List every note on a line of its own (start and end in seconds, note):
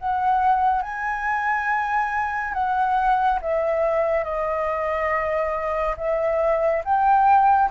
0.00 0.83 F#5
0.83 2.54 G#5
2.54 3.40 F#5
3.42 4.25 E5
4.25 5.96 D#5
5.98 6.84 E5
6.85 7.71 G5